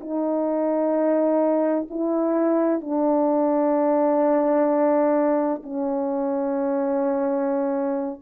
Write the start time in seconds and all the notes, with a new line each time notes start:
0.00 D#4
1.90 E4
2.80 D4
5.63 C#4